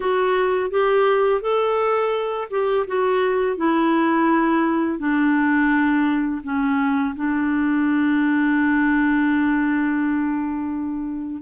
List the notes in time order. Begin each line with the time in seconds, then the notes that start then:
0.00 F#4
0.70 G4
1.41 A4
2.50 G4
2.87 F#4
3.56 E4
4.98 D4
6.43 C#4
7.15 D4